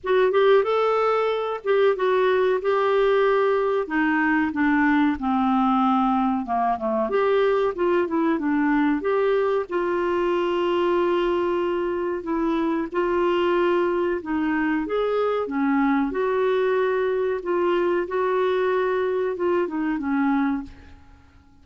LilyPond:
\new Staff \with { instrumentName = "clarinet" } { \time 4/4 \tempo 4 = 93 fis'8 g'8 a'4. g'8 fis'4 | g'2 dis'4 d'4 | c'2 ais8 a8 g'4 | f'8 e'8 d'4 g'4 f'4~ |
f'2. e'4 | f'2 dis'4 gis'4 | cis'4 fis'2 f'4 | fis'2 f'8 dis'8 cis'4 | }